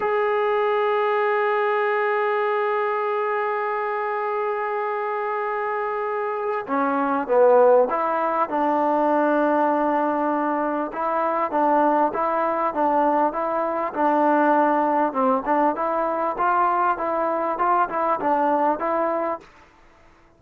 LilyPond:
\new Staff \with { instrumentName = "trombone" } { \time 4/4 \tempo 4 = 99 gis'1~ | gis'1~ | gis'2. cis'4 | b4 e'4 d'2~ |
d'2 e'4 d'4 | e'4 d'4 e'4 d'4~ | d'4 c'8 d'8 e'4 f'4 | e'4 f'8 e'8 d'4 e'4 | }